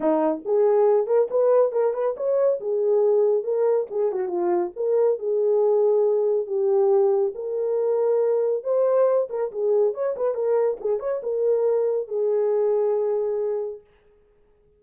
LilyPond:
\new Staff \with { instrumentName = "horn" } { \time 4/4 \tempo 4 = 139 dis'4 gis'4. ais'8 b'4 | ais'8 b'8 cis''4 gis'2 | ais'4 gis'8 fis'8 f'4 ais'4 | gis'2. g'4~ |
g'4 ais'2. | c''4. ais'8 gis'4 cis''8 b'8 | ais'4 gis'8 cis''8 ais'2 | gis'1 | }